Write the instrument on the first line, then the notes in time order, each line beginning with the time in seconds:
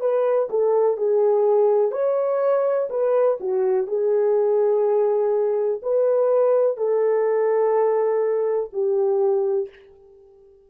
horn
0.00 B4
0.49 A4
0.96 G#4
1.91 C#5
2.89 B4
3.40 F#4
3.87 G#4
5.82 B4
6.77 A4
8.72 G4